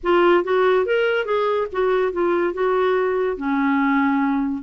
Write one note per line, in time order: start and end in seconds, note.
0.03 0.44 F4
0.44 0.85 F#4
0.85 1.25 A#4
1.25 1.67 G#4
1.72 2.12 F#4
2.12 2.53 F4
2.53 3.36 F#4
3.36 4.62 C#4